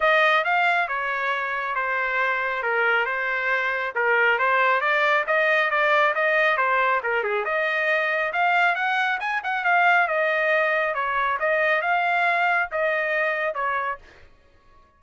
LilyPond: \new Staff \with { instrumentName = "trumpet" } { \time 4/4 \tempo 4 = 137 dis''4 f''4 cis''2 | c''2 ais'4 c''4~ | c''4 ais'4 c''4 d''4 | dis''4 d''4 dis''4 c''4 |
ais'8 gis'8 dis''2 f''4 | fis''4 gis''8 fis''8 f''4 dis''4~ | dis''4 cis''4 dis''4 f''4~ | f''4 dis''2 cis''4 | }